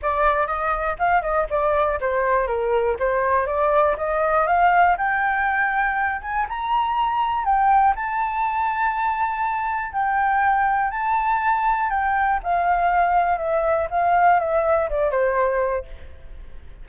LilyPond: \new Staff \with { instrumentName = "flute" } { \time 4/4 \tempo 4 = 121 d''4 dis''4 f''8 dis''8 d''4 | c''4 ais'4 c''4 d''4 | dis''4 f''4 g''2~ | g''8 gis''8 ais''2 g''4 |
a''1 | g''2 a''2 | g''4 f''2 e''4 | f''4 e''4 d''8 c''4. | }